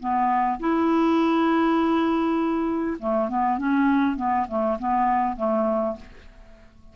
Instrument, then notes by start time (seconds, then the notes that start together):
clarinet
0.00 B3
0.60 E4
2.99 A3
3.29 B3
3.58 C#4
4.17 B3
4.49 A3
4.79 B3
5.37 A3